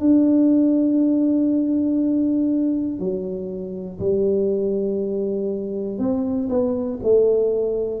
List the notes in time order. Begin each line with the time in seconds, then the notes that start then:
0.00 D4
2.99 F#3
4.00 G3
5.98 C4
6.49 B3
7.02 A3